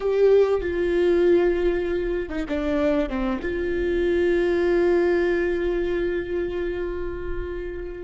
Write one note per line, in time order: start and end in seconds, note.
0.00 0.61 G4
0.61 2.29 F4
2.29 2.44 D#4
2.48 3.09 D4
3.09 3.40 C4
3.42 8.04 F4